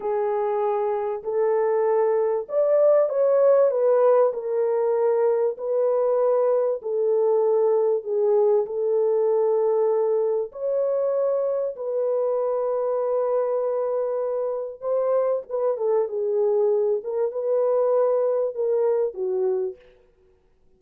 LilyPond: \new Staff \with { instrumentName = "horn" } { \time 4/4 \tempo 4 = 97 gis'2 a'2 | d''4 cis''4 b'4 ais'4~ | ais'4 b'2 a'4~ | a'4 gis'4 a'2~ |
a'4 cis''2 b'4~ | b'1 | c''4 b'8 a'8 gis'4. ais'8 | b'2 ais'4 fis'4 | }